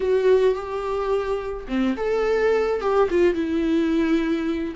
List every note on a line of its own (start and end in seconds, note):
0.00 0.54 F#4
0.54 1.66 G4
1.68 1.96 C4
1.97 2.80 A4
2.80 3.08 G4
3.10 3.34 F4
3.34 4.74 E4